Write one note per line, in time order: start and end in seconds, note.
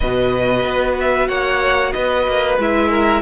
0.00 0.63 B2
0.00 2.59 F#4
0.00 1.28 B4
0.00 0.95 D#5
0.63 1.28 B3
0.99 1.27 E5
1.27 1.93 A#3
1.27 1.93 C#5
1.27 1.92 F#5
1.92 2.27 B3
1.92 2.89 B4
1.92 2.56 D#5
2.27 2.58 A#3
2.58 3.21 G#3
2.58 3.21 E4
2.58 3.21 E5
2.89 3.21 A#4